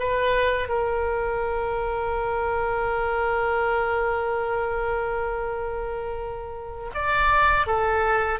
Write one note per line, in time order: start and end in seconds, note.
0.00 0.69 B4
0.69 6.91 A#4
6.94 7.67 D5
7.67 8.40 A4